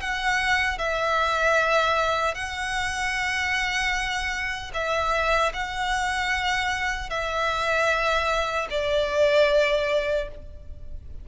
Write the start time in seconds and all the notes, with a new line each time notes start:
0.00 F#5
0.78 E5
2.34 F#5
4.74 E5
5.53 F#5
7.10 E5
8.70 D5